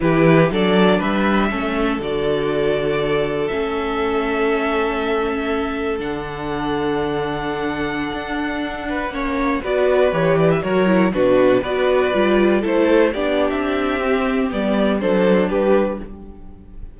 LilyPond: <<
  \new Staff \with { instrumentName = "violin" } { \time 4/4 \tempo 4 = 120 b'4 d''4 e''2 | d''2. e''4~ | e''1 | fis''1~ |
fis''2.~ fis''16 d''8.~ | d''16 cis''8 d''16 e''16 cis''4 b'4 d''8.~ | d''4~ d''16 c''4 d''8. e''4~ | e''4 d''4 c''4 b'4 | }
  \new Staff \with { instrumentName = "violin" } { \time 4/4 g'4 a'4 b'4 a'4~ | a'1~ | a'1~ | a'1~ |
a'4.~ a'16 b'8 cis''4 b'8.~ | b'4~ b'16 ais'4 fis'4 b'8.~ | b'4~ b'16 a'4 g'4.~ g'16~ | g'2 a'4 g'4 | }
  \new Staff \with { instrumentName = "viola" } { \time 4/4 e'4 d'2 cis'4 | fis'2. cis'4~ | cis'1 | d'1~ |
d'2~ d'16 cis'4 fis'8.~ | fis'16 g'4 fis'8 e'8 d'4 fis'8.~ | fis'16 f'4 e'4 d'4.~ d'16 | c'4 b4 d'2 | }
  \new Staff \with { instrumentName = "cello" } { \time 4/4 e4 fis4 g4 a4 | d2. a4~ | a1 | d1~ |
d16 d'2 ais4 b8.~ | b16 e4 fis4 b,4 b8.~ | b16 g4 a4 b8. c'4~ | c'4 g4 fis4 g4 | }
>>